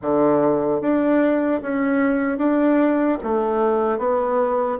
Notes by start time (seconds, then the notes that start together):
0.01 D3
0.81 D4
1.61 C#4
2.38 D4
3.23 A3
3.98 B3